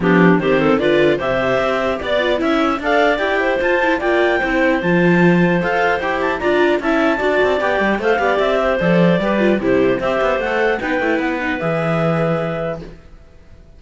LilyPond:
<<
  \new Staff \with { instrumentName = "clarinet" } { \time 4/4 \tempo 4 = 150 g'4 c''4 d''4 e''4~ | e''4 d''4 e''4 f''4 | g''4 a''4 g''2 | a''2 f''4 g''8 a''8 |
ais''4 a''2 g''4 | f''4 e''4 d''2 | c''4 e''4 fis''4 g''4 | fis''4 e''2. | }
  \new Staff \with { instrumentName = "clarinet" } { \time 4/4 d'4 g'8 a'8 b'4 c''4~ | c''4 d''4 e''4 d''4~ | d''8 c''4. d''4 c''4~ | c''1 |
d''4 e''4 d''2 | c''8 d''4 c''4. b'4 | g'4 c''2 b'4~ | b'1 | }
  \new Staff \with { instrumentName = "viola" } { \time 4/4 b4 c'4 f'4 g'4~ | g'4. f'8 e'4 a'4 | g'4 f'8 e'8 f'4 e'4 | f'2 a'4 g'4 |
f'4 e'4 fis'4 g'4 | a'8 g'4. a'4 g'8 f'8 | e'4 g'4 a'4 dis'8 e'8~ | e'8 dis'8 gis'2. | }
  \new Staff \with { instrumentName = "cello" } { \time 4/4 f4 dis4 d4 c4 | c'4 b4 cis'4 d'4 | e'4 f'4 ais4 c'4 | f2 f'4 e'4 |
d'4 cis'4 d'8 c'8 b8 g8 | a8 b8 c'4 f4 g4 | c4 c'8 b8 a4 b8 a8 | b4 e2. | }
>>